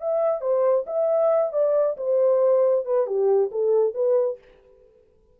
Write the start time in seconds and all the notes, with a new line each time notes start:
0.00 E5
0.41 C5
0.87 E5
1.52 D5
1.97 C5
2.85 B4
3.06 G4
3.51 A4
3.94 B4